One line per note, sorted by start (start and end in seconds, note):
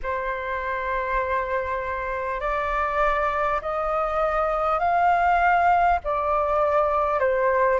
0.03 2.40 C5
2.40 3.60 D5
3.61 4.79 D#5
4.79 5.99 F5
6.03 7.19 D5
7.19 7.79 C5